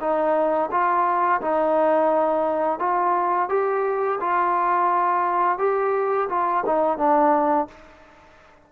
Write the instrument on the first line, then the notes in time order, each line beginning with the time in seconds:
trombone
0.00 D#4
0.71 F4
1.41 D#4
2.79 F4
3.49 G4
4.20 F4
5.58 G4
6.29 F4
6.66 D#4
6.98 D4